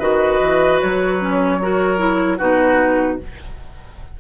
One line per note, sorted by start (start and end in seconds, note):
0.00 0.40 D#3
0.00 1.19 F#4
0.00 1.58 B4
0.00 0.80 D#5
0.42 0.81 E3
0.82 2.41 F#3
0.82 2.39 C#5
1.21 1.60 C#4
1.62 1.98 F#4
1.62 2.38 A#4
1.98 2.38 E4
2.38 3.20 B2
2.38 3.19 D#4
2.38 3.17 F#4
2.38 3.18 B4